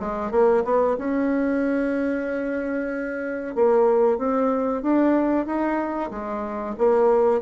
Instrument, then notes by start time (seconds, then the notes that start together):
bassoon
0.00 G#3
0.32 A#3
0.65 B3
0.99 C#4
3.56 A#3
4.18 C4
4.83 D4
5.47 D#4
6.11 G#3
6.78 A#3